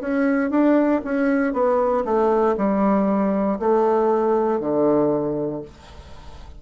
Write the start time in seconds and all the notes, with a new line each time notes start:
0.00 C#4
0.50 D4
1.04 C#4
1.53 B3
2.04 A3
2.57 G3
3.59 A3
4.59 D3